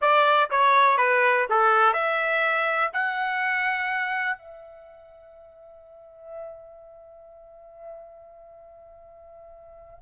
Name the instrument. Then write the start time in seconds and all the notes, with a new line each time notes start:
trumpet
0.01 D5
0.50 C#5
0.97 B4
1.49 A4
1.93 E5
2.93 F#5
4.37 E5